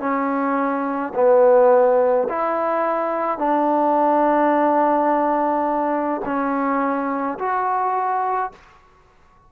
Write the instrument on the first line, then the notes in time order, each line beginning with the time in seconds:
trombone
0.00 C#4
1.15 B3
2.29 E4
3.38 D4
6.25 C#4
7.38 F#4